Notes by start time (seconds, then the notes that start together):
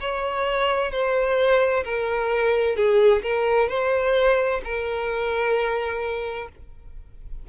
0.00 C#5
0.91 C5
1.84 A#4
2.76 G#4
3.22 A#4
3.68 C5
4.64 A#4